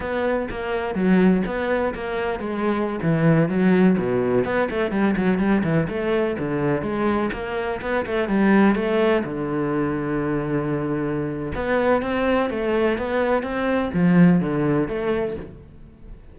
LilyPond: \new Staff \with { instrumentName = "cello" } { \time 4/4 \tempo 4 = 125 b4 ais4 fis4 b4 | ais4 gis4~ gis16 e4 fis8.~ | fis16 b,4 b8 a8 g8 fis8 g8 e16~ | e16 a4 d4 gis4 ais8.~ |
ais16 b8 a8 g4 a4 d8.~ | d1 | b4 c'4 a4 b4 | c'4 f4 d4 a4 | }